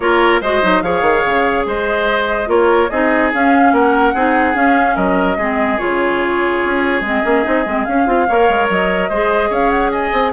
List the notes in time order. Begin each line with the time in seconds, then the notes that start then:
0.00 A#3 F4 A#4 C#5
0.41 G#3 F#4 C5 D#5
0.62 F#3 D#4
0.81 F3 G#4 C#5 F5
1.01 D#3
1.25 C#3
1.65 G#3 C5 D#5
2.46 A#3 F4 A#4 C#5
2.89 C4 D#4 G#4 D#5
3.33 C#4 F5
3.72 A#3 A#4 F#5
4.13 C4 D#4 G#4
4.53 C#4 F5
4.95 F#3 A#4 D#5
5.37 G#3 C4 G#4
5.78 C#3 F4 C#5
6.65 C#4
7.00 G#3 C4 D#5
7.23 A#3 C#4
7.43 C4 D#4
7.65 G#3 C4
7.84 C#4 F5
8.06 C4 F4
8.28 A#3 A#4 C#5
8.48 G#3
8.69 F#3 D#5
9.09 G#3 G#4 C5
9.49 C#4 C#5 F5
9.69 F#5
9.91 D#5 G#5
10.12 C4